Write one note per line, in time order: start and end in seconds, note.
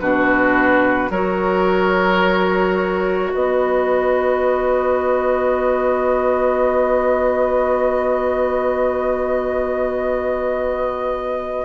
0.00 1.10 B2
0.00 1.11 D4
0.00 1.11 F#4
0.00 1.11 B4
1.10 3.33 F#3
1.10 11.65 F#4
1.10 3.33 A#4
1.10 3.34 C#5
3.33 11.65 B3
3.33 11.65 B4
3.33 11.65 D#5